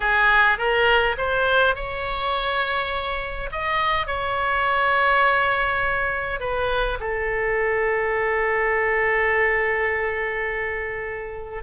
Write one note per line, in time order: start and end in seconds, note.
0.00 0.57 G#4
0.57 1.16 A#4
1.17 1.75 C5
1.75 3.50 C#5
3.51 4.06 D#5
4.06 6.39 C#5
6.39 6.98 B4
7.00 11.63 A4